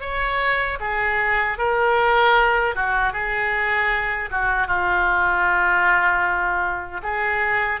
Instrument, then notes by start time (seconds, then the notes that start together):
oboe
0.00 C#5
0.80 G#4
1.58 A#4
2.75 F#4
3.12 G#4
4.30 F#4
4.67 F4
7.02 G#4